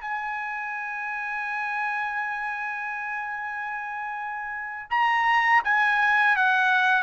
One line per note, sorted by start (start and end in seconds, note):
0.00 4.88 G#5
4.90 5.62 A#5
5.64 6.35 G#5
6.35 7.02 F#5